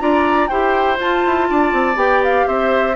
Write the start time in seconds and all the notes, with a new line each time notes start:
0.00 D4 F4 D5 A#5
0.48 E4 G4 C5 G5
0.97 F4 A5
1.26 E4
1.49 D4 D5
1.73 C4
1.95 B3 G4 G5
2.24 F5
2.47 C4 C5 E5